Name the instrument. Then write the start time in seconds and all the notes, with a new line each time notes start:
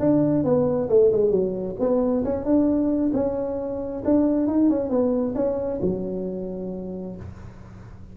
tuba
0.00 D4
0.44 B3
0.90 A3
1.12 G#3
1.31 F#3
1.80 B3
2.25 C#4
2.45 D4
3.14 C#4
4.05 D4
4.48 D#4
4.70 C#4
4.90 B3
5.35 C#4
5.82 F#3